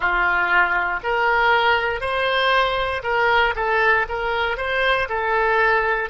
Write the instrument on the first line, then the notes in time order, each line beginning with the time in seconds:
oboe
0.00 F4
1.03 A#4
2.01 C5
3.03 A#4
3.55 A4
4.08 A#4
4.57 C5
5.08 A4